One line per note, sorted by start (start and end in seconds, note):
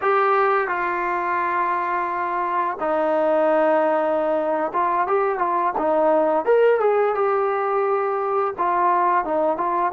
0.01 0.68 G4
0.68 2.77 F4
2.80 4.72 D#4
4.73 5.07 F4
5.07 5.38 G4
5.38 5.73 F4
5.78 6.45 D#4
6.45 6.80 A#4
6.80 7.14 G#4
7.14 8.54 G4
8.58 9.24 F4
9.24 9.57 D#4
9.57 9.92 F4